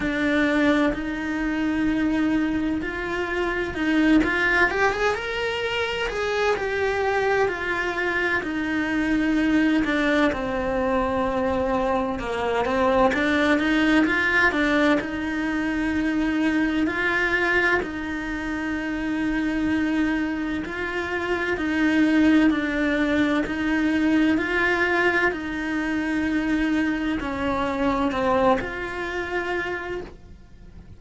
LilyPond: \new Staff \with { instrumentName = "cello" } { \time 4/4 \tempo 4 = 64 d'4 dis'2 f'4 | dis'8 f'8 g'16 gis'16 ais'4 gis'8 g'4 | f'4 dis'4. d'8 c'4~ | c'4 ais8 c'8 d'8 dis'8 f'8 d'8 |
dis'2 f'4 dis'4~ | dis'2 f'4 dis'4 | d'4 dis'4 f'4 dis'4~ | dis'4 cis'4 c'8 f'4. | }